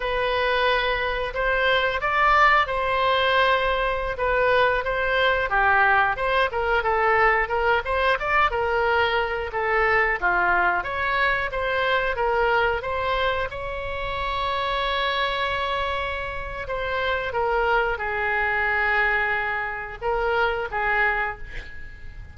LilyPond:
\new Staff \with { instrumentName = "oboe" } { \time 4/4 \tempo 4 = 90 b'2 c''4 d''4 | c''2~ c''16 b'4 c''8.~ | c''16 g'4 c''8 ais'8 a'4 ais'8 c''16~ | c''16 d''8 ais'4. a'4 f'8.~ |
f'16 cis''4 c''4 ais'4 c''8.~ | c''16 cis''2.~ cis''8.~ | cis''4 c''4 ais'4 gis'4~ | gis'2 ais'4 gis'4 | }